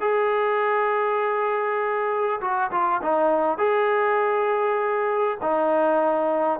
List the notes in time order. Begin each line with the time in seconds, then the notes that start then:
0.00 G#4
2.41 F#4
2.71 F4
3.02 D#4
3.58 G#4
5.41 D#4